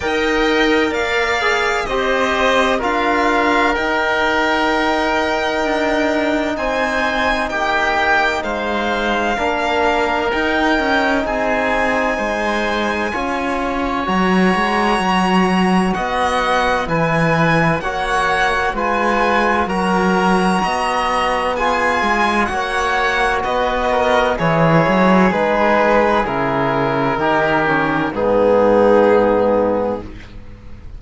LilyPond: <<
  \new Staff \with { instrumentName = "violin" } { \time 4/4 \tempo 4 = 64 g''4 f''4 dis''4 f''4 | g''2. gis''4 | g''4 f''2 g''4 | gis''2. ais''4~ |
ais''4 fis''4 gis''4 fis''4 | gis''4 ais''2 gis''4 | fis''4 dis''4 cis''4 b'4 | ais'2 gis'2 | }
  \new Staff \with { instrumentName = "oboe" } { \time 4/4 dis''4 d''4 c''4 ais'4~ | ais'2. c''4 | g'4 c''4 ais'2 | gis'4 c''4 cis''2~ |
cis''4 dis''4 b'4 cis''4 | b'4 ais'4 dis''4 gis'4 | cis''4 b'8 ais'8 gis'2~ | gis'4 g'4 dis'2 | }
  \new Staff \with { instrumentName = "trombone" } { \time 4/4 ais'4. gis'8 g'4 f'4 | dis'1~ | dis'2 d'4 dis'4~ | dis'2 f'4 fis'4~ |
fis'2 e'4 fis'4 | f'4 fis'2 f'4 | fis'2 e'4 dis'4 | e'4 dis'8 cis'8 b2 | }
  \new Staff \with { instrumentName = "cello" } { \time 4/4 dis'4 ais4 c'4 d'4 | dis'2 d'4 c'4 | ais4 gis4 ais4 dis'8 cis'8 | c'4 gis4 cis'4 fis8 gis8 |
fis4 b4 e4 ais4 | gis4 fis4 b4. gis8 | ais4 b4 e8 fis8 gis4 | cis4 dis4 gis,2 | }
>>